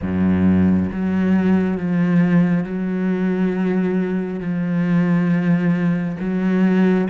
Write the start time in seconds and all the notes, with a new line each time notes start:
0.01 F#2
0.91 F#3
1.77 F3
2.64 F#3
4.40 F3
6.20 F#3